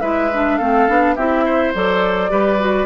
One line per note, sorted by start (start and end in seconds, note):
0.00 0.59 G#3
0.00 0.30 E4
0.00 0.57 B4
0.00 0.57 E5
0.33 0.60 D4
0.57 0.88 A3
0.57 0.88 C4
0.57 1.15 A4
0.57 1.14 F5
0.88 1.16 B3
0.88 1.16 D4
1.15 1.74 C4
1.15 1.74 E4
1.15 1.44 G4
1.15 1.72 E5
1.45 2.30 C5
1.74 2.31 F#3
1.74 2.29 A4
1.74 2.86 D5
2.29 2.86 G3
2.29 2.58 G4
2.29 2.86 B4
2.59 2.86 F#4